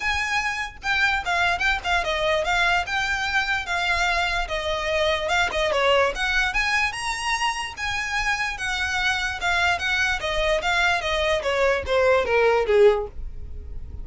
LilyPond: \new Staff \with { instrumentName = "violin" } { \time 4/4 \tempo 4 = 147 gis''2 g''4 f''4 | g''8 f''8 dis''4 f''4 g''4~ | g''4 f''2 dis''4~ | dis''4 f''8 dis''8 cis''4 fis''4 |
gis''4 ais''2 gis''4~ | gis''4 fis''2 f''4 | fis''4 dis''4 f''4 dis''4 | cis''4 c''4 ais'4 gis'4 | }